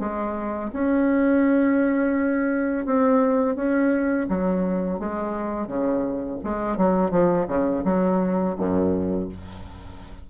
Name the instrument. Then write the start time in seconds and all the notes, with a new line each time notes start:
bassoon
0.00 G#3
0.73 C#4
2.86 C4
3.56 C#4
4.29 F#3
5.00 G#3
5.68 C#3
6.44 G#3
6.78 F#3
7.11 F3
7.48 C#3
7.85 F#3
8.58 F#2